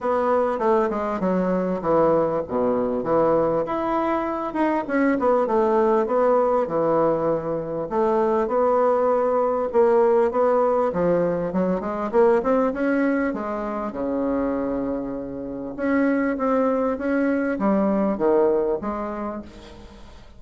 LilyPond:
\new Staff \with { instrumentName = "bassoon" } { \time 4/4 \tempo 4 = 99 b4 a8 gis8 fis4 e4 | b,4 e4 e'4. dis'8 | cis'8 b8 a4 b4 e4~ | e4 a4 b2 |
ais4 b4 f4 fis8 gis8 | ais8 c'8 cis'4 gis4 cis4~ | cis2 cis'4 c'4 | cis'4 g4 dis4 gis4 | }